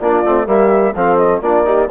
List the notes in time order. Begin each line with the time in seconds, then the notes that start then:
0.00 A#3 D4 F4 D5
0.24 A3 C4
0.45 G3 A#3 G4 E5
0.95 F3 C4 A4 F5
1.17 D#5
1.41 A#3 D4 F4 D5
1.64 D#4 G4